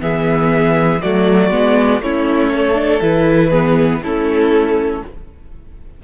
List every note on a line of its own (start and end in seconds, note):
0.00 1.00 E3
0.00 1.00 B3
0.00 1.02 G#4
0.00 1.01 E5
1.01 1.51 F#3
1.01 1.51 A3
1.01 2.02 F#4
1.01 2.01 D5
1.51 2.00 G#3
1.51 2.01 B3
2.00 3.00 A3
2.00 2.75 C#4
2.00 2.53 E4
2.00 3.02 C#5
2.53 3.50 A4
2.75 3.00 D4
3.01 4.01 E3
3.01 3.51 E4
3.01 4.03 B4
3.50 4.01 B3
3.50 4.00 G#4
4.02 5.02 A3
4.02 5.04 C#4
4.02 5.03 E4
4.02 5.03 A4